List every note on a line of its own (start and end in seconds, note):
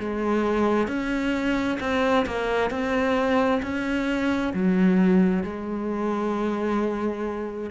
0.00 0.88 G#3
0.88 1.79 C#4
1.81 2.26 C4
2.26 2.71 A#3
2.71 3.62 C4
3.63 4.54 C#4
4.54 5.44 F#3
5.44 7.71 G#3